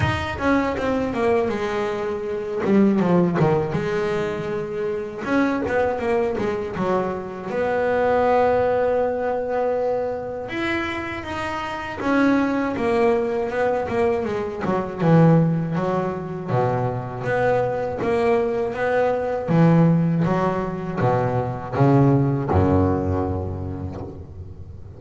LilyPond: \new Staff \with { instrumentName = "double bass" } { \time 4/4 \tempo 4 = 80 dis'8 cis'8 c'8 ais8 gis4. g8 | f8 dis8 gis2 cis'8 b8 | ais8 gis8 fis4 b2~ | b2 e'4 dis'4 |
cis'4 ais4 b8 ais8 gis8 fis8 | e4 fis4 b,4 b4 | ais4 b4 e4 fis4 | b,4 cis4 fis,2 | }